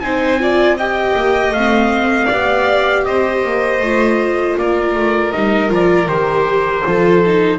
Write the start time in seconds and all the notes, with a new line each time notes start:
0.00 C4 D#4 C5 G#5
0.40 F4 D5
0.77 G4 D#5 G5
1.16 A#3
1.50 A3 F5
1.56 C4
2.26 B3 G4 D5
3.05 C4 C5 D#5
3.44 A#3
3.80 A3 F4
4.57 A#3 A#4 D5
4.95 A3
5.32 G3 D#4 D#5
5.69 F3 F4 D5
6.07 D#3 G4 C5
6.85 F3 F4 A4
7.26 D#4